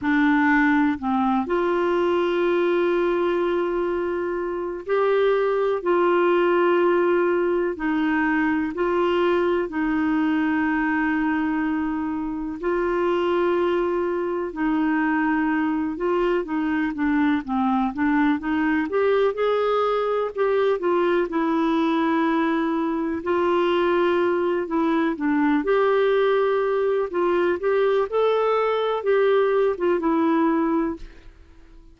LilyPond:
\new Staff \with { instrumentName = "clarinet" } { \time 4/4 \tempo 4 = 62 d'4 c'8 f'2~ f'8~ | f'4 g'4 f'2 | dis'4 f'4 dis'2~ | dis'4 f'2 dis'4~ |
dis'8 f'8 dis'8 d'8 c'8 d'8 dis'8 g'8 | gis'4 g'8 f'8 e'2 | f'4. e'8 d'8 g'4. | f'8 g'8 a'4 g'8. f'16 e'4 | }